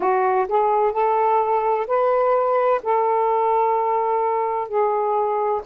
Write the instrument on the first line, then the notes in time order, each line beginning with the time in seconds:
saxophone
0.00 F#4
0.48 G#4
0.92 A4
1.87 B4
2.82 A4
4.67 G#4